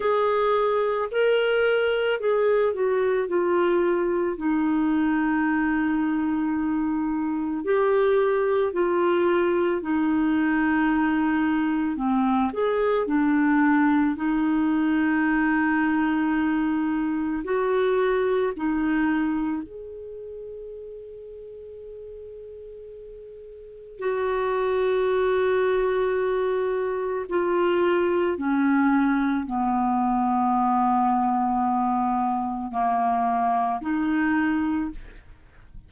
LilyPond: \new Staff \with { instrumentName = "clarinet" } { \time 4/4 \tempo 4 = 55 gis'4 ais'4 gis'8 fis'8 f'4 | dis'2. g'4 | f'4 dis'2 c'8 gis'8 | d'4 dis'2. |
fis'4 dis'4 gis'2~ | gis'2 fis'2~ | fis'4 f'4 cis'4 b4~ | b2 ais4 dis'4 | }